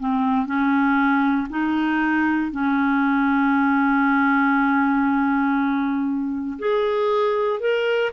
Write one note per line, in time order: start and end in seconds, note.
0.00 0.46 C4
0.46 1.48 C#4
1.50 2.51 D#4
2.51 6.58 C#4
6.59 7.60 G#4
7.60 8.11 A#4